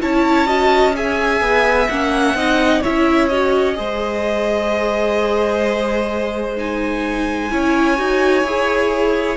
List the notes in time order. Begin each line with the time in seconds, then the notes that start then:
0.00 C#4 E4 C#5 A5
0.46 F#4 D#5
0.94 G#4 E5 G#5
1.40 B3
1.88 A#3 C#4 F#5
2.34 C4 D#4 D#5
2.81 C#4 E4 C#5 E5
3.27 F#4 D#5
3.74 G#3 G#4 C5
6.56 D#4 G#5
7.49 C#4 E4 C#5
7.97 D#4 F#4
8.43 E4 G#4